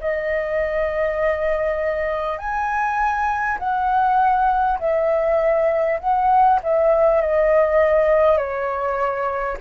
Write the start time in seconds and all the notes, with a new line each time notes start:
0.00 D#5
2.38 G#5
3.59 F#5
4.79 E5
6.00 F#5
6.63 E5
7.22 D#5
8.37 C#5